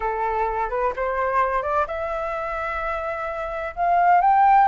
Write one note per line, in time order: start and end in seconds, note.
0.00 0.69 A4
0.69 0.93 B4
0.95 1.62 C5
1.62 1.85 D5
1.87 3.74 E5
3.75 4.21 F5
4.21 4.67 G5